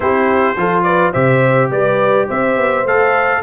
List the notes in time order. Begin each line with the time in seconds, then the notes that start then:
0.00 C4 E4 G4 C5
0.56 F3 F4 A4
0.83 B4 D5
1.12 C3 G4 C5 E5
1.70 G3 B4 D5
2.27 C4 C5 E5
2.56 B3
2.84 A3 A4 F5